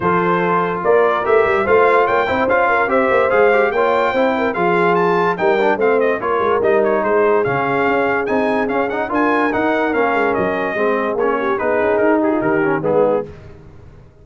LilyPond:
<<
  \new Staff \with { instrumentName = "trumpet" } { \time 4/4 \tempo 4 = 145 c''2 d''4 e''4 | f''4 g''4 f''4 e''4 | f''4 g''2 f''4 | a''4 g''4 f''8 dis''8 cis''4 |
dis''8 cis''8 c''4 f''2 | gis''4 f''8 fis''8 gis''4 fis''4 | f''4 dis''2 cis''4 | b'4 ais'8 gis'8 ais'4 gis'4 | }
  \new Staff \with { instrumentName = "horn" } { \time 4/4 a'2 ais'2 | c''4 cis''8 c''4 ais'8 c''4~ | c''4 cis''4 c''8 ais'8 gis'4~ | gis'4 ais'4 c''4 ais'4~ |
ais'4 gis'2.~ | gis'2 ais'2~ | ais'2 gis'4. g'8 | gis'4. g'16 f'16 g'4 dis'4 | }
  \new Staff \with { instrumentName = "trombone" } { \time 4/4 f'2. g'4 | f'4. e'8 f'4 g'4 | gis'8 g'8 f'4 e'4 f'4~ | f'4 dis'8 d'8 c'4 f'4 |
dis'2 cis'2 | dis'4 cis'8 dis'8 f'4 dis'4 | cis'2 c'4 cis'4 | dis'2~ dis'8 cis'8 b4 | }
  \new Staff \with { instrumentName = "tuba" } { \time 4/4 f2 ais4 a8 g8 | a4 ais8 c'8 cis'4 c'8 ais8 | gis4 ais4 c'4 f4~ | f4 g4 a4 ais8 gis8 |
g4 gis4 cis4 cis'4 | c'4 cis'4 d'4 dis'4 | ais8 gis8 fis4 gis4 ais4 | b8 cis'8 dis'4 dis4 gis4 | }
>>